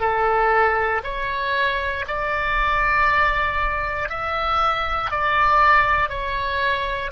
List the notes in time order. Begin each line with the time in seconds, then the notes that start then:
0.00 A4
1.04 C#5
2.08 D5
4.10 E5
5.11 D5
6.09 C#5